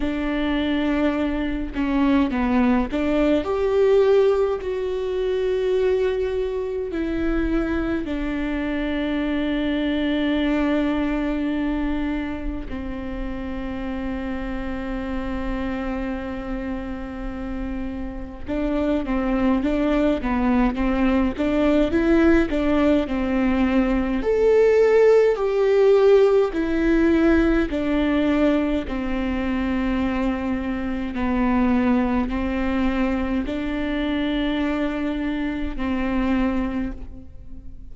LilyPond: \new Staff \with { instrumentName = "viola" } { \time 4/4 \tempo 4 = 52 d'4. cis'8 b8 d'8 g'4 | fis'2 e'4 d'4~ | d'2. c'4~ | c'1 |
d'8 c'8 d'8 b8 c'8 d'8 e'8 d'8 | c'4 a'4 g'4 e'4 | d'4 c'2 b4 | c'4 d'2 c'4 | }